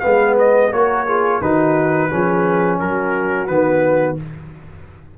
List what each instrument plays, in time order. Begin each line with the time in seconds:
0.00 tuba G#3, trombone B3, horn B4, trumpet F5
0.38 trumpet D#5
0.71 tuba A#3, trombone F#4, horn A#4, trumpet C#5
1.06 trombone F4, horn G#4
1.41 tuba D#3, trombone D#4, horn F#4, trumpet B4
2.10 tuba F3, trombone C#4, horn G#4
2.79 tuba F#3, horn F#4, trumpet A#4
3.47 tuba D#3, trombone B3, trumpet B4